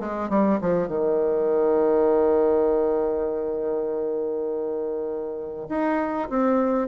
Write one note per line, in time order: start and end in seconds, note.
0.00 0.29 G#3
0.29 0.59 G3
0.61 0.88 F3
0.88 5.68 D#3
5.69 6.29 D#4
6.29 6.88 C4